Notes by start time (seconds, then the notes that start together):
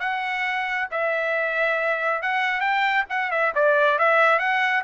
0.00 F#5
0.91 E5
2.22 F#5
2.61 G5
3.10 F#5
3.31 E5
3.55 D5
3.99 E5
4.39 F#5